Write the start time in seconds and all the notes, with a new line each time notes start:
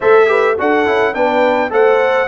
0.00 A3 A4 C5 E5
0.26 G4 B4
0.58 D4 F#4 A4 F#5
0.85 C#4 E4
1.14 B3 D4 B4 G5
1.69 A3 A4 C5 F#5